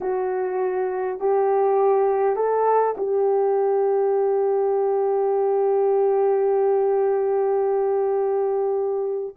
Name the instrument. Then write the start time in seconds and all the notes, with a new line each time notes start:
horn
0.01 F#4
1.19 G4
2.35 A4
2.97 G4